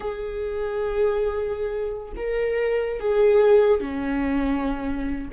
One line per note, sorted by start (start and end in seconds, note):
0.00 2.12 G#4
2.16 2.99 A#4
2.99 3.80 G#4
3.80 5.29 C#4